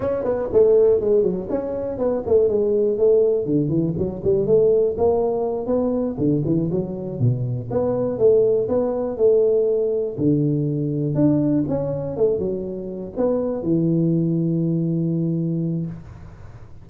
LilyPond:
\new Staff \with { instrumentName = "tuba" } { \time 4/4 \tempo 4 = 121 cis'8 b8 a4 gis8 fis8 cis'4 | b8 a8 gis4 a4 d8 e8 | fis8 g8 a4 ais4. b8~ | b8 d8 e8 fis4 b,4 b8~ |
b8 a4 b4 a4.~ | a8 d2 d'4 cis'8~ | cis'8 a8 fis4. b4 e8~ | e1 | }